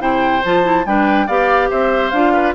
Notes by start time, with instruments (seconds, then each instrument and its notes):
0.00 bassoon C3, clarinet E4, oboe C5, flute G5
0.45 bassoon F3, clarinet F4, flute A5
0.63 clarinet E4
0.86 bassoon G3, clarinet D4, oboe B4, flute G5
1.27 bassoon B3, clarinet G4, oboe D5, flute F5
1.71 bassoon C4, oboe C5, flute E5
2.11 bassoon D4, clarinet F4, flute F5
2.33 oboe B4